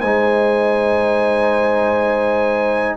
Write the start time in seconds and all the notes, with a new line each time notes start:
0.00 G#3 D#4 C5 G#5